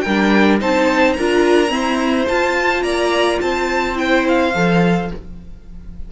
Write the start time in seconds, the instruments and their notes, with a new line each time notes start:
0.00 cello G3, violin A#4 G5
0.07 viola D4
0.60 cello C4, viola D#4, violin C5 A5
1.13 cello D4, viola F4, violin A#4 A#5
1.67 viola C4, cello E4, violin C5
2.28 viola F4, cello F4, violin A5
2.83 cello A#3, violin D5 A#5
3.41 cello C4, violin C5 A5
3.95 viola E4, violin G5
4.28 violin F5
4.54 cello F3, viola A4